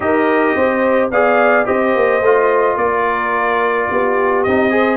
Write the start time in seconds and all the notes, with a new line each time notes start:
0.00 D#4 G4 A#4 D#5
0.55 C4 C5
1.10 B3 G#4 D5 F5
1.65 C4 G4 C5 D#5
1.95 A#3
2.20 A3 F4
2.76 A#3 A#4 D5
3.90 B3 G4
4.43 C4 D#4 D#5
4.70 G#4 C5